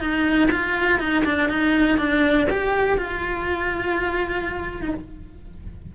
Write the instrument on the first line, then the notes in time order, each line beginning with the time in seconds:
cello
0.00 D#4
0.51 F4
0.99 D#4
1.25 D4
1.49 D#4
1.98 D4
2.50 G4
2.98 F4
4.82 D#4